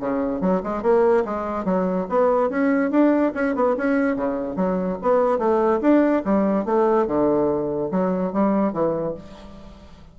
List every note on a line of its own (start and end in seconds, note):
0.00 0.41 C#3
0.41 0.62 F#3
0.63 0.82 G#3
0.82 1.24 A#3
1.25 1.65 G#3
1.65 2.06 F#3
2.09 2.49 B3
2.49 2.91 C#4
2.91 3.33 D4
3.34 3.55 C#4
3.55 3.76 B3
3.77 4.16 C#4
4.16 4.56 C#3
4.56 4.98 F#3
5.02 5.38 B3
5.38 5.80 A3
5.81 6.23 D4
6.25 6.65 G3
6.65 7.07 A3
7.07 7.90 D3
7.91 8.33 F#3
8.33 8.73 G3
8.73 9.14 E3